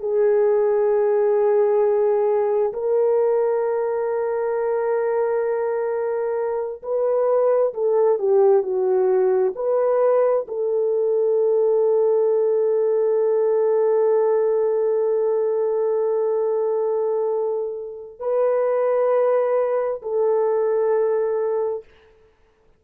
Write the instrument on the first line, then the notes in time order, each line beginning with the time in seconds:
horn
0.00 G#4
2.73 A#4
6.83 B4
7.74 A4
8.19 G4
8.63 F#4
9.56 B4
10.48 A4
18.19 B4
20.02 A4